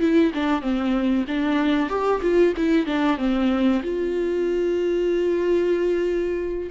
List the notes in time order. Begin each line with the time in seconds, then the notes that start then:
0.00 E4
0.34 D4
0.62 C4
1.27 D4
1.89 G4
2.22 F4
2.57 E4
2.86 D4
3.18 C4
3.83 F4